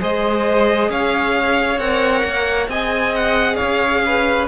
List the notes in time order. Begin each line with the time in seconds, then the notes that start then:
0.00 G#3 G#4 C5 D#5
0.89 C#4 C#5 F5
1.78 C4 A#4 F#5
2.24 A#3
2.68 C4 G#4 D#5 G#5
3.15 F#5
3.56 C#4 C#5 F5
4.06 B4